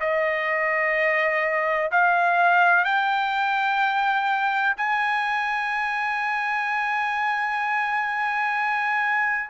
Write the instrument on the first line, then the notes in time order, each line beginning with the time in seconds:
trumpet
0.00 D#5
1.91 F5
2.84 G5
4.77 G#5